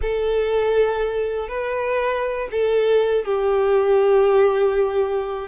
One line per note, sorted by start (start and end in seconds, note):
0.01 1.48 A4
1.48 2.48 B4
2.51 3.24 A4
3.24 5.48 G4